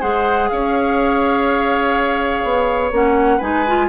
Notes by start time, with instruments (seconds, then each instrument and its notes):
0.00 bassoon G#3, clarinet G#4, oboe C5, flute F#5
0.49 bassoon C#4, oboe C#5, flute F5
2.43 bassoon B3
2.92 bassoon A#3, clarinet C#4, flute F#5
3.37 bassoon G#3, clarinet D#4, oboe B4, flute G#5
3.67 clarinet F4